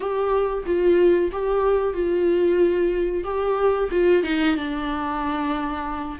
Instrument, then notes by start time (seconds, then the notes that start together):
viola
0.00 G4
0.66 F4
1.32 G4
1.93 F4
3.24 G4
3.91 F4
4.23 D#4
4.55 D4